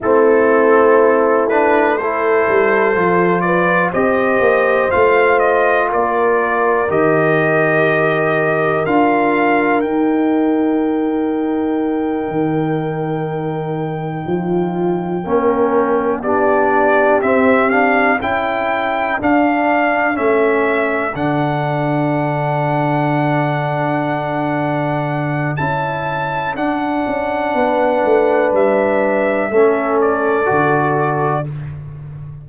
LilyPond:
<<
  \new Staff \with { instrumentName = "trumpet" } { \time 4/4 \tempo 4 = 61 a'4. b'8 c''4. d''8 | dis''4 f''8 dis''8 d''4 dis''4~ | dis''4 f''4 g''2~ | g''1~ |
g''8 d''4 e''8 f''8 g''4 f''8~ | f''8 e''4 fis''2~ fis''8~ | fis''2 a''4 fis''4~ | fis''4 e''4. d''4. | }
  \new Staff \with { instrumentName = "horn" } { \time 4/4 e'2 a'4. b'8 | c''2 ais'2~ | ais'1~ | ais'2~ ais'8 f'4 ais'8~ |
ais'8 g'2 a'4.~ | a'1~ | a'1 | b'2 a'2 | }
  \new Staff \with { instrumentName = "trombone" } { \time 4/4 c'4. d'8 e'4 f'4 | g'4 f'2 g'4~ | g'4 f'4 dis'2~ | dis'2.~ dis'8 cis'8~ |
cis'8 d'4 c'8 d'8 e'4 d'8~ | d'8 cis'4 d'2~ d'8~ | d'2 e'4 d'4~ | d'2 cis'4 fis'4 | }
  \new Staff \with { instrumentName = "tuba" } { \time 4/4 a2~ a8 g8 f4 | c'8 ais8 a4 ais4 dis4~ | dis4 d'4 dis'2~ | dis'8 dis2 f4 ais8~ |
ais8 b4 c'4 cis'4 d'8~ | d'8 a4 d2~ d8~ | d2 cis'4 d'8 cis'8 | b8 a8 g4 a4 d4 | }
>>